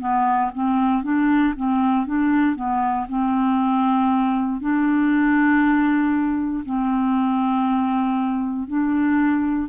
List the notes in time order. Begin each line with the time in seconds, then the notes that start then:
0.00 B3
0.55 C4
1.04 D4
1.57 C4
2.07 D4
2.56 B3
3.09 C4
4.61 D4
6.66 C4
8.68 D4